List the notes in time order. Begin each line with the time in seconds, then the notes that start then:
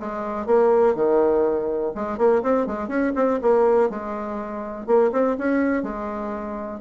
0.00 G#3
0.47 A#3
0.95 D#3
1.95 G#3
2.18 A#3
2.43 C4
2.67 G#3
2.89 C#4
3.16 C4
3.42 A#3
3.90 G#3
4.87 A#3
5.13 C4
5.38 C#4
5.83 G#3